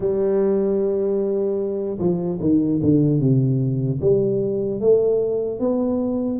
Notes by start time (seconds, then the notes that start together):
0.00 G3
1.98 F3
2.40 D#3
2.82 D3
3.20 C3
4.00 G3
4.80 A3
5.59 B3